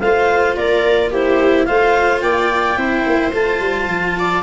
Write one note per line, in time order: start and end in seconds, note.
0.00 0.56 A3
0.00 1.14 F4
0.00 0.56 C5
0.00 0.55 F5
0.56 1.67 A#3
0.56 1.10 A#4
0.56 1.11 D5
1.10 1.67 E4
1.10 1.65 G4
1.10 1.65 C5
1.65 2.22 A3
1.65 2.76 F4
1.65 2.23 C5
1.65 2.20 F5
2.20 2.77 A#3
2.20 2.78 D5
2.20 3.31 G5
2.76 3.04 C4
2.76 3.31 E4
2.76 4.16 C5
3.06 3.33 A#3
3.33 3.60 A3
3.33 4.43 F4
3.33 4.43 A5
3.60 3.87 G3
3.87 4.42 F3
4.19 4.43 D5